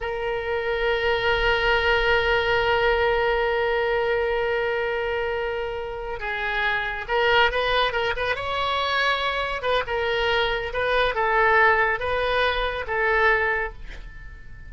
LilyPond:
\new Staff \with { instrumentName = "oboe" } { \time 4/4 \tempo 4 = 140 ais'1~ | ais'1~ | ais'1~ | ais'2~ ais'8 gis'4.~ |
gis'8 ais'4 b'4 ais'8 b'8 cis''8~ | cis''2~ cis''8 b'8 ais'4~ | ais'4 b'4 a'2 | b'2 a'2 | }